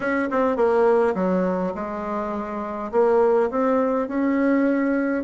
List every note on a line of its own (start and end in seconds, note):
0.00 0.28 C#4
0.30 0.56 C4
0.56 1.14 A#3
1.15 1.73 F#3
1.74 2.91 G#3
2.91 3.50 A#3
3.50 4.08 C4
4.08 5.24 C#4